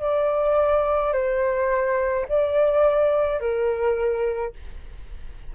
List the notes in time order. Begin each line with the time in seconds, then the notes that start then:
0.00 D5
1.13 C5
2.28 D5
3.40 A#4